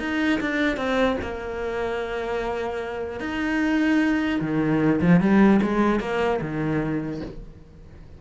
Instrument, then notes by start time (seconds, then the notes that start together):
cello
0.00 D#4
0.41 D4
0.77 C4
1.22 A#3
3.20 D#4
4.41 D#3
5.02 F3
5.21 G3
5.62 G#3
6.00 A#3
6.42 D#3